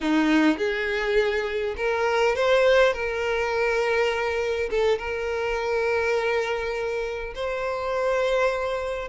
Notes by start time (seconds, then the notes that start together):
0.00 D#4
0.57 G#4
1.76 A#4
2.35 C5
2.93 A#4
4.70 A4
4.98 A#4
7.34 C5